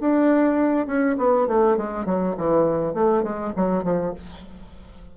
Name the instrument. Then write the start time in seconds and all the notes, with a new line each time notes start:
bassoon
0.00 D4
0.86 C#4
1.18 B3
1.47 A3
1.77 G#3
2.05 F#3
2.37 E3
2.94 A3
3.23 G#3
3.56 F#3
3.83 F3